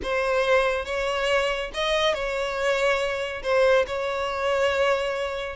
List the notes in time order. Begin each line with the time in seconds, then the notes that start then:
0.03 C5
0.85 C#5
1.74 D#5
2.14 C#5
3.42 C5
3.86 C#5